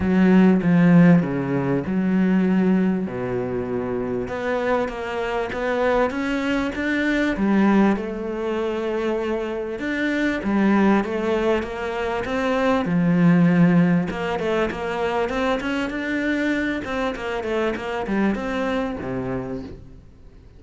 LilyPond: \new Staff \with { instrumentName = "cello" } { \time 4/4 \tempo 4 = 98 fis4 f4 cis4 fis4~ | fis4 b,2 b4 | ais4 b4 cis'4 d'4 | g4 a2. |
d'4 g4 a4 ais4 | c'4 f2 ais8 a8 | ais4 c'8 cis'8 d'4. c'8 | ais8 a8 ais8 g8 c'4 c4 | }